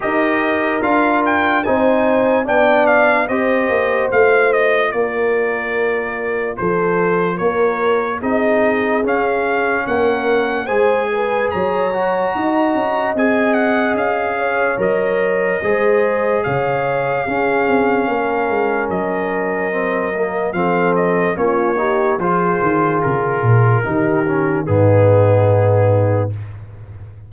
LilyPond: <<
  \new Staff \with { instrumentName = "trumpet" } { \time 4/4 \tempo 4 = 73 dis''4 f''8 g''8 gis''4 g''8 f''8 | dis''4 f''8 dis''8 d''2 | c''4 cis''4 dis''4 f''4 | fis''4 gis''4 ais''2 |
gis''8 fis''8 f''4 dis''2 | f''2. dis''4~ | dis''4 f''8 dis''8 cis''4 c''4 | ais'2 gis'2 | }
  \new Staff \with { instrumentName = "horn" } { \time 4/4 ais'2 c''4 d''4 | c''2 ais'2 | a'4 ais'4 gis'2 | ais'4 c''8 b'8 cis''4 dis''4~ |
dis''4. cis''4. c''4 | cis''4 gis'4 ais'2~ | ais'4 a'4 f'8 g'8 gis'4~ | gis'4 g'4 dis'2 | }
  \new Staff \with { instrumentName = "trombone" } { \time 4/4 g'4 f'4 dis'4 d'4 | g'4 f'2.~ | f'2 dis'4 cis'4~ | cis'4 gis'4. fis'4. |
gis'2 ais'4 gis'4~ | gis'4 cis'2. | c'8 ais8 c'4 cis'8 dis'8 f'4~ | f'4 dis'8 cis'8 b2 | }
  \new Staff \with { instrumentName = "tuba" } { \time 4/4 dis'4 d'4 c'4 b4 | c'8 ais8 a4 ais2 | f4 ais4 c'4 cis'4 | ais4 gis4 fis4 dis'8 cis'8 |
c'4 cis'4 fis4 gis4 | cis4 cis'8 c'8 ais8 gis8 fis4~ | fis4 f4 ais4 f8 dis8 | cis8 ais,8 dis4 gis,2 | }
>>